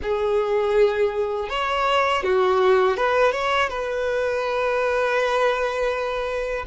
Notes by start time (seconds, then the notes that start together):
0.02 G#4
1.49 C#5
2.23 F#4
2.96 B4
3.32 C#5
3.69 B4